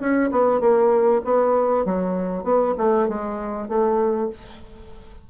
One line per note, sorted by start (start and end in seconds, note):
0.00 0.31 C#4
0.31 0.61 B3
0.61 1.22 A#3
1.24 1.85 B3
1.85 2.44 F#3
2.44 2.74 B3
2.78 3.08 A3
3.09 3.68 G#3
3.68 4.30 A3